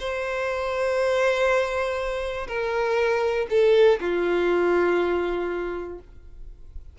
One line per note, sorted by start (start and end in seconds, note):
0.00 2.48 C5
2.48 3.47 A#4
3.50 4.00 A4
4.01 5.99 F4